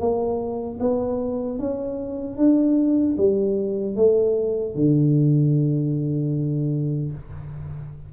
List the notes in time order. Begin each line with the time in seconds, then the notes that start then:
0.00 A#3
0.80 B3
1.59 C#4
2.37 D4
3.18 G3
3.96 A3
4.75 D3